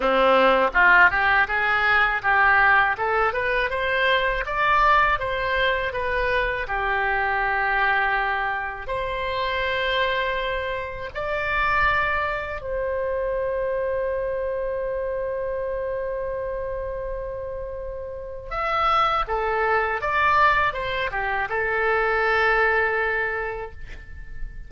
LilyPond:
\new Staff \with { instrumentName = "oboe" } { \time 4/4 \tempo 4 = 81 c'4 f'8 g'8 gis'4 g'4 | a'8 b'8 c''4 d''4 c''4 | b'4 g'2. | c''2. d''4~ |
d''4 c''2.~ | c''1~ | c''4 e''4 a'4 d''4 | c''8 g'8 a'2. | }